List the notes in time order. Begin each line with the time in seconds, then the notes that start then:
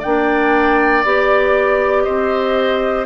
0.00 A#3 D4 D5 G5
1.04 B3 G4 D5
2.04 C4 C5 D#5